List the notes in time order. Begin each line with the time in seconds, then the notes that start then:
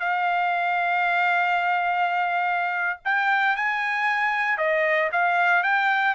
0.00 F5
3.05 G5
3.56 G#5
4.58 D#5
5.12 F5
5.63 G5